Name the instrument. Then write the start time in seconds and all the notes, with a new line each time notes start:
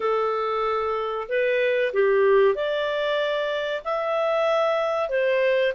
clarinet
0.00 A4
1.28 B4
1.93 G4
2.54 D5
3.84 E5
5.09 C5